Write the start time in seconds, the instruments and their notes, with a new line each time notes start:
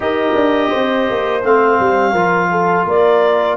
0.00 tuba D#4, trombone G4, horn A#4, clarinet D#5
0.34 tuba D4
0.69 tuba C4, horn C5
1.10 tuba A#3
1.43 tuba A3, trombone C4, clarinet F5
1.79 tuba G3
2.11 tuba F3, trombone F4, horn A#4
2.50 horn A4
2.85 tuba A#3, horn A#4, clarinet D5